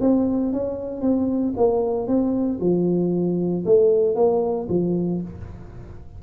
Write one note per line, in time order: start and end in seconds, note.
0.00 0.52 C4
0.52 1.01 C#4
1.01 1.53 C4
1.57 2.07 A#3
2.07 2.59 C4
2.60 3.64 F3
3.65 4.15 A3
4.15 4.67 A#3
4.69 5.21 F3